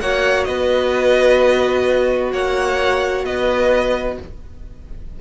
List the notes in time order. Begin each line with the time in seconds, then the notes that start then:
0.00 A#3 F#4 C#5 F#5
0.44 B3 B4 D#5
2.32 A#3 C#5 F#5
3.24 B3 B4 D#5